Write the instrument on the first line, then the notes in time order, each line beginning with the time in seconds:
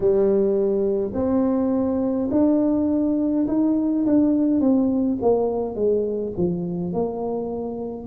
tuba
0.00 G3
1.13 C4
2.31 D4
3.47 D#4
4.05 D4
4.60 C4
5.21 A#3
5.75 G#3
6.37 F3
6.92 A#3